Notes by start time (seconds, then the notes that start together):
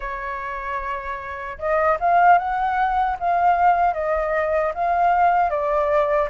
0.00 C#5
1.58 D#5
2.00 F5
2.38 F#5
3.19 F5
3.93 D#5
4.74 F5
5.49 D5